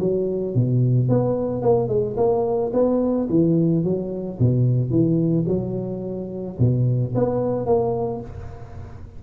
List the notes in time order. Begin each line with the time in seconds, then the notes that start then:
0.00 F#3
0.55 B2
1.09 B3
1.62 A#3
1.89 G#3
2.17 A#3
2.73 B3
3.30 E3
3.84 F#3
4.39 B2
4.91 E3
5.48 F#3
6.59 B2
7.15 B3
7.66 A#3